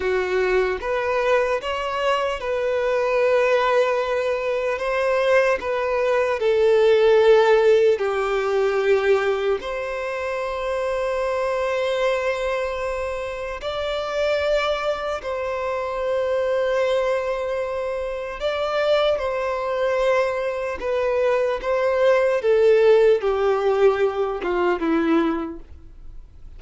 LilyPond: \new Staff \with { instrumentName = "violin" } { \time 4/4 \tempo 4 = 75 fis'4 b'4 cis''4 b'4~ | b'2 c''4 b'4 | a'2 g'2 | c''1~ |
c''4 d''2 c''4~ | c''2. d''4 | c''2 b'4 c''4 | a'4 g'4. f'8 e'4 | }